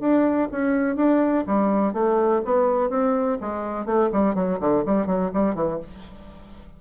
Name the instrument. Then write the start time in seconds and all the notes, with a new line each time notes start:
bassoon
0.00 D4
0.51 C#4
0.96 D4
1.47 G3
1.93 A3
2.45 B3
2.89 C4
3.41 G#3
3.85 A3
4.12 G3
4.35 F#3
4.60 D3
4.86 G3
5.07 F#3
5.34 G3
5.55 E3